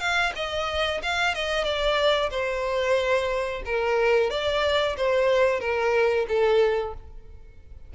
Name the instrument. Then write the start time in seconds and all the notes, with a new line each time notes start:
violin
0.00 F5
0.36 D#5
1.03 F5
1.35 D#5
1.64 D5
2.31 C5
3.66 A#4
4.31 D5
4.97 C5
5.60 A#4
6.28 A4